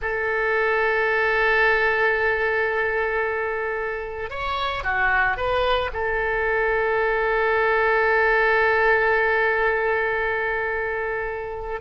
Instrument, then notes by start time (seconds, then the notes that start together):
oboe
0.01 A4
4.30 C#5
4.83 F#4
5.36 B4
5.93 A4